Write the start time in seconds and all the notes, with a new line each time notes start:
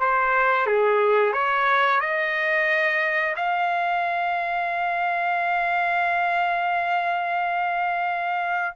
0.00 C5
0.66 G#4
1.33 C#5
2.00 D#5
3.36 F5